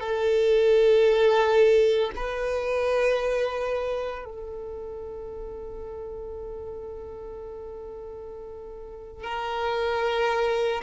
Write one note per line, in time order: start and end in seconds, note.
0.00 2.10 A4
2.15 4.24 B4
4.24 9.23 A4
9.23 10.81 A#4